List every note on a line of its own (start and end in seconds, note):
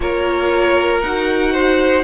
0.00 1.03 A#3
0.00 1.03 F4
0.00 1.52 A#4
0.00 1.01 C#5
1.01 2.04 D#4
1.01 2.04 F#4
1.01 2.04 F#5
1.52 2.04 C5